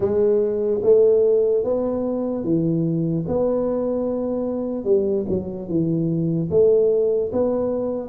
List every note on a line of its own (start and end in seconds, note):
0.00 0.81 G#3
0.83 1.64 A3
1.64 2.43 B3
2.43 3.24 E3
3.27 4.84 B3
4.84 5.25 G3
5.29 5.68 F#3
5.68 6.49 E3
6.50 7.31 A3
7.32 8.08 B3